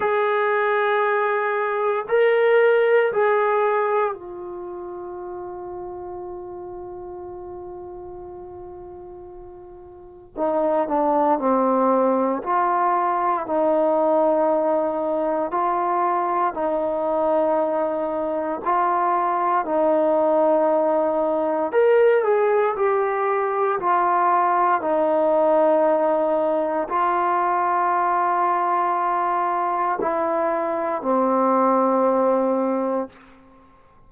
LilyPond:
\new Staff \with { instrumentName = "trombone" } { \time 4/4 \tempo 4 = 58 gis'2 ais'4 gis'4 | f'1~ | f'2 dis'8 d'8 c'4 | f'4 dis'2 f'4 |
dis'2 f'4 dis'4~ | dis'4 ais'8 gis'8 g'4 f'4 | dis'2 f'2~ | f'4 e'4 c'2 | }